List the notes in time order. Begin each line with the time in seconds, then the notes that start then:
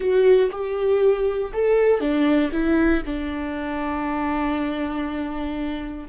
0.00 F#4
0.51 G4
1.53 A4
2.00 D4
2.52 E4
3.05 D4